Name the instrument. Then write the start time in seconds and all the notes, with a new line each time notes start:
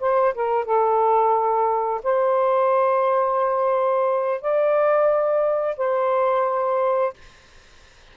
saxophone
0.00 C5
0.34 A#4
0.65 A4
2.03 C5
4.42 D5
5.77 C5